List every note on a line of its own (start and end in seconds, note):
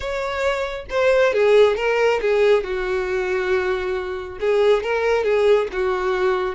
0.00 0.85 C#5
0.90 1.33 C5
1.33 1.76 G#4
1.76 2.20 A#4
2.21 2.63 G#4
2.63 4.38 F#4
4.40 4.83 G#4
4.83 5.23 A#4
5.23 5.67 G#4
5.72 6.55 F#4